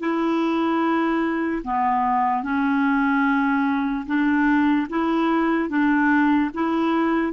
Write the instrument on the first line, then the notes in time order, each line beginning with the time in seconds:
clarinet
0.00 E4
1.64 B3
2.43 C#4
4.07 D4
4.90 E4
5.69 D4
6.54 E4